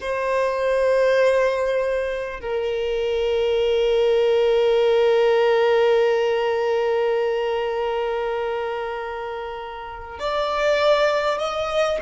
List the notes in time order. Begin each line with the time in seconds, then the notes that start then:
0.00 C5
2.41 A#4
10.19 D5
11.38 D#5